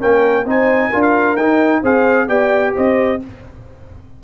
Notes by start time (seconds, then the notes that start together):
0.00 A#3 C#4 A#4 G5
0.45 C4 D#4 C5 G#5
0.90 D4 F4 A#4
1.03 F5
1.36 D#4 G5
1.83 C4 G#4 C5 F5
2.28 B3 G4 D5 G5
2.76 C4 C5 D#5